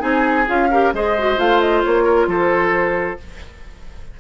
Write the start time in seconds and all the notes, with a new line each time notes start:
0.00 C4 D#4 G#4 G#5
0.47 C#4 F4 F5
0.71 G4 A#4
0.94 G#3 G#4 C5 D#5
1.19 F#4
1.38 A3 F4 F5
1.61 D#5
1.84 A#3 C#5
2.04 A#4
2.28 F3 A4 C5